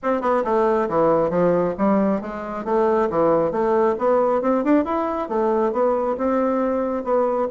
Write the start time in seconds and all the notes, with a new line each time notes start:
0.03 C4
0.21 B3
0.44 A3
0.88 E3
1.30 F3
1.78 G3
2.21 G#3
2.64 A3
3.10 E3
3.51 A3
3.98 B3
4.41 C4
4.64 D4
4.84 E4
5.28 A3
5.72 B3
6.17 C4
7.04 B3